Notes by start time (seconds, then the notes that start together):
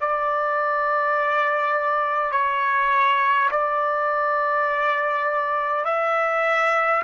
0.00 D5
2.31 C#5
3.51 D5
5.84 E5